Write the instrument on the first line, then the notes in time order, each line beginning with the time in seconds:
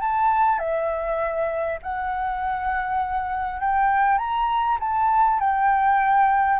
flute
0.00 A5
0.58 E5
1.82 F#5
3.60 G5
4.18 A#5
4.79 A5
5.39 G5